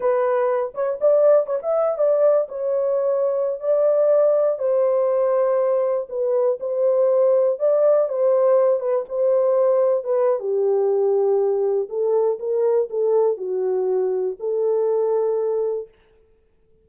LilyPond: \new Staff \with { instrumentName = "horn" } { \time 4/4 \tempo 4 = 121 b'4. cis''8 d''4 cis''16 e''8. | d''4 cis''2~ cis''16 d''8.~ | d''4~ d''16 c''2~ c''8.~ | c''16 b'4 c''2 d''8.~ |
d''16 c''4. b'8 c''4.~ c''16~ | c''16 b'8. g'2. | a'4 ais'4 a'4 fis'4~ | fis'4 a'2. | }